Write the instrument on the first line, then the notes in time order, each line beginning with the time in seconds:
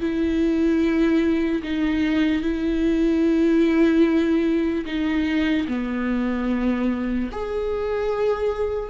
viola
0.00 E4
1.63 D#4
2.41 E4
4.86 D#4
5.68 B3
7.32 G#4